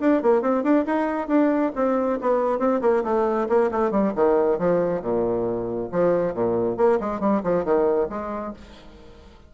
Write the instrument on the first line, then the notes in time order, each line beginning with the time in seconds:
bassoon
0.00 D4
0.22 A#3
0.41 C4
0.63 D4
0.86 D#4
1.28 D4
1.75 C4
2.21 B3
2.59 C4
2.81 A#3
3.04 A3
3.49 A#3
3.71 A3
3.91 G3
4.15 D#3
4.58 F3
5.02 A#2
5.91 F3
6.34 A#2
6.77 A#3
7.00 G#3
7.20 G3
7.43 F3
7.64 D#3
8.09 G#3